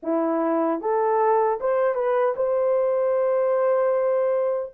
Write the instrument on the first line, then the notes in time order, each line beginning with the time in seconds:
horn
0.02 E4
0.80 A4
1.60 C5
1.94 B4
2.35 C5